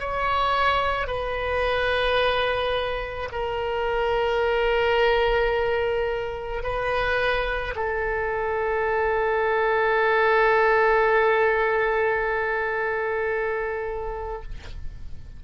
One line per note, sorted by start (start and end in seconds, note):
0.00 1.07 C#5
1.07 3.29 B4
3.32 6.64 A#4
6.64 7.75 B4
7.76 14.43 A4